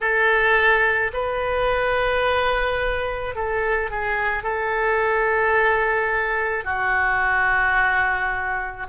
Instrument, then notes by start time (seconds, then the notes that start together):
oboe
0.00 A4
1.13 B4
3.35 A4
3.90 G#4
4.43 A4
6.64 F#4